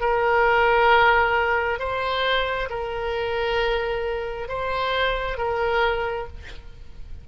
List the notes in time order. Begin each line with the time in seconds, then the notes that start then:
0.00 A#4
1.79 C5
2.69 A#4
4.48 C5
5.37 A#4